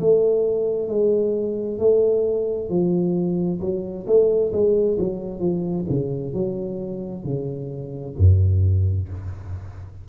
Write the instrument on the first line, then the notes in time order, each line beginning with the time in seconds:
tuba
0.00 A3
0.88 G#3
1.79 A3
2.69 F3
3.61 F#3
4.07 A3
4.52 G#3
4.99 F#3
5.40 F3
5.89 C#3
6.34 F#3
7.24 C#3
8.18 F#2